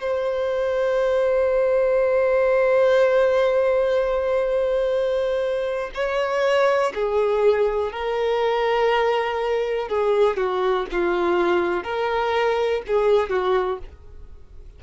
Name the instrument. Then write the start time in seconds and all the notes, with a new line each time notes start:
violin
0.00 C5
5.94 C#5
6.94 G#4
7.92 A#4
9.88 G#4
10.36 F#4
10.91 F4
11.83 A#4
12.87 G#4
13.29 F#4